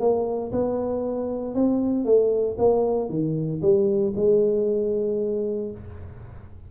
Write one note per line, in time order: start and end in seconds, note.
0.00 0.52 A#3
0.52 1.55 B3
1.55 2.05 C4
2.05 2.57 A3
2.58 3.09 A#3
3.09 3.61 D#3
3.62 4.14 G3
4.16 5.71 G#3